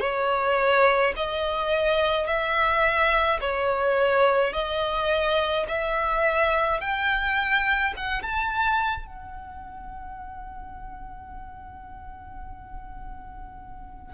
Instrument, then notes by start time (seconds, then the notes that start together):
violin
0.00 C#5
1.16 D#5
2.26 E5
3.41 C#5
4.53 D#5
5.68 E5
6.80 G5
7.97 F#5
8.22 A5
9.07 F#5